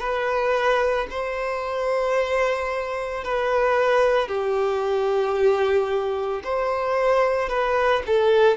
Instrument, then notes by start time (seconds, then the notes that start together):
violin
0.00 B4
1.11 C5
3.25 B4
4.29 G4
6.44 C5
7.50 B4
8.07 A4